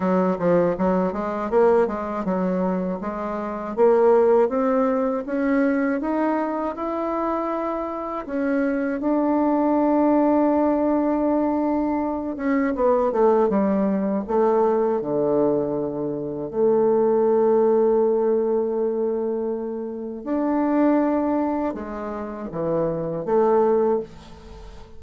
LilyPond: \new Staff \with { instrumentName = "bassoon" } { \time 4/4 \tempo 4 = 80 fis8 f8 fis8 gis8 ais8 gis8 fis4 | gis4 ais4 c'4 cis'4 | dis'4 e'2 cis'4 | d'1~ |
d'8 cis'8 b8 a8 g4 a4 | d2 a2~ | a2. d'4~ | d'4 gis4 e4 a4 | }